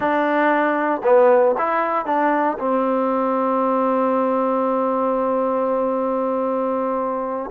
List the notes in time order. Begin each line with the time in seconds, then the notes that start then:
0.00 D4
1.03 B3
1.58 E4
2.05 D4
2.59 C4